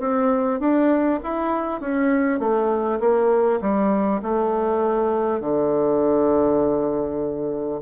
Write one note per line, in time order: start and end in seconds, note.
0.00 0.60 C4
0.60 1.20 D4
1.24 1.81 E4
1.81 2.39 C#4
2.39 2.99 A3
3.00 3.60 A#3
3.61 4.21 G3
4.23 5.41 A3
5.41 7.81 D3